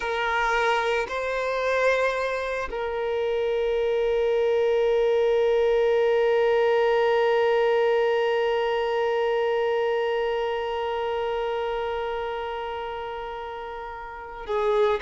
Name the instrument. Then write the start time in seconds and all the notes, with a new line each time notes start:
violin
0.00 A#4
1.08 C5
2.70 A#4
14.46 G#4